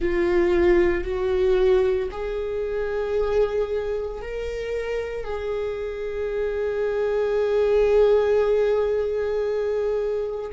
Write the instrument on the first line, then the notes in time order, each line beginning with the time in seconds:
viola
0.00 F4
1.04 F#4
2.11 G#4
4.21 A#4
5.24 G#4